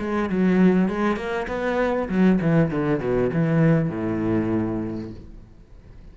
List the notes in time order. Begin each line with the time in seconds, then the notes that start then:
0.00 G#3
0.30 F#3
0.89 G#3
1.17 A#3
1.48 B3
2.09 F#3
2.42 E3
2.71 D3
3.01 B2
3.34 E3
3.90 A2